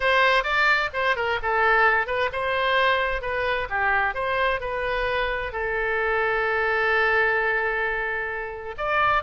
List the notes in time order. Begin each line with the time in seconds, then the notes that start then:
0.00 C5
0.43 D5
0.93 C5
1.16 A#4
1.42 A4
2.06 B4
2.32 C5
3.21 B4
3.69 G4
4.14 C5
4.60 B4
5.52 A4
8.77 D5